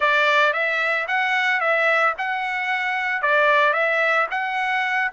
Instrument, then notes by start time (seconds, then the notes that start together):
trumpet
0.00 D5
0.53 E5
1.07 F#5
1.60 E5
2.17 F#5
3.21 D5
3.73 E5
4.30 F#5